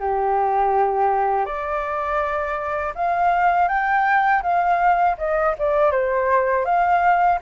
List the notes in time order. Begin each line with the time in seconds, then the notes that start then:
0.00 G4
1.45 D5
2.95 F5
3.68 G5
4.43 F5
5.18 D#5
5.59 D5
5.91 C5
6.65 F5